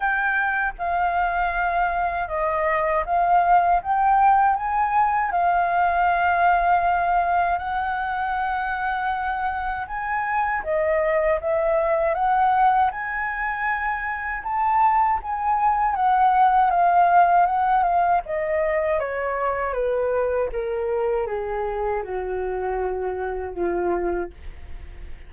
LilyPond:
\new Staff \with { instrumentName = "flute" } { \time 4/4 \tempo 4 = 79 g''4 f''2 dis''4 | f''4 g''4 gis''4 f''4~ | f''2 fis''2~ | fis''4 gis''4 dis''4 e''4 |
fis''4 gis''2 a''4 | gis''4 fis''4 f''4 fis''8 f''8 | dis''4 cis''4 b'4 ais'4 | gis'4 fis'2 f'4 | }